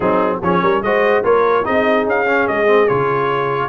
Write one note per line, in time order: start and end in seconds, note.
0.00 0.41 F#3
0.00 0.41 C4
0.00 0.38 D#4
0.00 0.40 G#4
0.42 0.62 F3
0.42 0.84 C#4
0.42 0.62 G#4
0.42 0.82 C#5
0.62 0.82 G3
0.62 0.82 A#4
0.82 1.23 G#3
0.82 1.24 F#4
0.82 1.24 C5
0.82 1.23 D#5
1.23 1.65 A#3
1.23 1.64 F4
1.23 1.65 A#4
1.23 1.65 C#5
1.64 2.05 C4
1.64 2.25 D#4
1.64 3.68 G#4
1.64 2.06 D#5
2.05 2.46 C#4
2.05 2.47 F5
2.26 2.66 C#4
2.47 2.89 G#3
2.47 2.88 D#5
2.66 2.87 C4
2.88 3.68 C#3
2.88 3.68 F4
2.88 3.68 C#5